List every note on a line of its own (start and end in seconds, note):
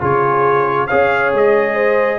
0.00 0.89 C#3
0.00 0.89 F4
0.00 0.87 G#4
0.00 0.87 C#5
0.87 1.33 C#4
0.87 2.18 G#4
0.87 1.75 C#5
0.87 1.31 F5
1.33 2.18 G#3
1.33 2.18 D#5
1.75 2.18 C5